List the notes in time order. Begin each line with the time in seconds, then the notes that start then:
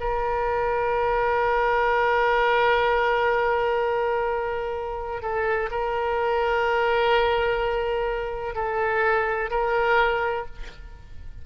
0.00 A#4
5.22 A4
5.71 A#4
8.55 A4
9.50 A#4